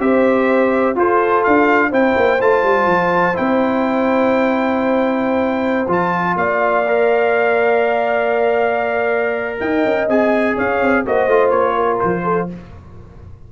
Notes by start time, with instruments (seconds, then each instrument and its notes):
0.00 tuba C4, trombone G4, horn C5, trumpet E5
0.96 tuba F4, trombone F4, horn A4, trumpet C5
1.44 tuba D4, trumpet F5
1.90 tuba C4, trombone E4, horn C5, trumpet G5
2.17 tuba A#3
2.41 tuba A3, trombone F4, trumpet A5
2.64 tuba G3
2.87 tuba F3
3.35 tuba C4, trombone E4, trumpet G5
5.88 tuba F3, trombone F4, trumpet A5
6.36 tuba A#3, horn D5, trumpet F5
6.88 trombone A#4
9.60 tuba D#4, horn D#5, trumpet G5
9.85 tuba C#4
10.09 tuba C4, trombone G#4, trumpet G#5
10.55 tuba C#4, horn C#5, trumpet F5
10.81 tuba C4
11.06 tuba A#3, trombone F#4, horn C5, trumpet D#5
11.27 tuba A3, trombone F4
11.50 tuba A#3, trumpet C#5
11.75 horn A#4
12.01 tuba F3, trumpet C5
12.24 horn A4